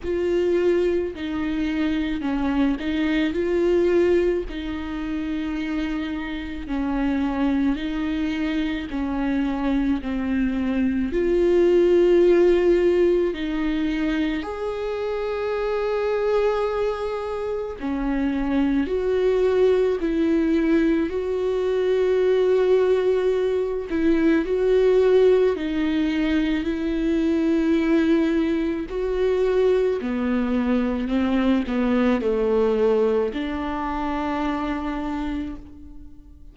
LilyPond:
\new Staff \with { instrumentName = "viola" } { \time 4/4 \tempo 4 = 54 f'4 dis'4 cis'8 dis'8 f'4 | dis'2 cis'4 dis'4 | cis'4 c'4 f'2 | dis'4 gis'2. |
cis'4 fis'4 e'4 fis'4~ | fis'4. e'8 fis'4 dis'4 | e'2 fis'4 b4 | c'8 b8 a4 d'2 | }